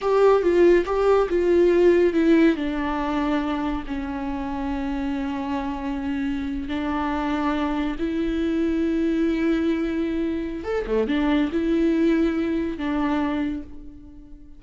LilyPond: \new Staff \with { instrumentName = "viola" } { \time 4/4 \tempo 4 = 141 g'4 f'4 g'4 f'4~ | f'4 e'4 d'2~ | d'4 cis'2.~ | cis'2.~ cis'8. d'16~ |
d'2~ d'8. e'4~ e'16~ | e'1~ | e'4 a'8 a8 d'4 e'4~ | e'2 d'2 | }